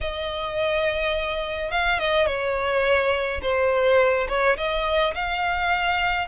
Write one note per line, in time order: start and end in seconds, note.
0.00 1.71 D#5
1.71 1.99 F5
1.99 2.26 D#5
2.26 3.41 C#5
3.41 4.27 C5
4.28 4.56 C#5
4.57 5.14 D#5
5.14 6.27 F5